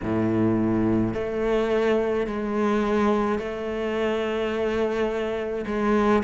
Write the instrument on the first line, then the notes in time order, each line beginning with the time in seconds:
cello
0.03 A2
1.14 A3
2.26 G#3
3.38 A3
5.66 G#3